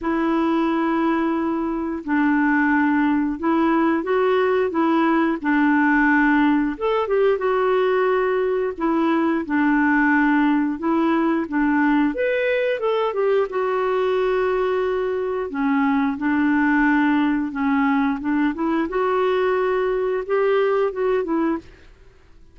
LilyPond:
\new Staff \with { instrumentName = "clarinet" } { \time 4/4 \tempo 4 = 89 e'2. d'4~ | d'4 e'4 fis'4 e'4 | d'2 a'8 g'8 fis'4~ | fis'4 e'4 d'2 |
e'4 d'4 b'4 a'8 g'8 | fis'2. cis'4 | d'2 cis'4 d'8 e'8 | fis'2 g'4 fis'8 e'8 | }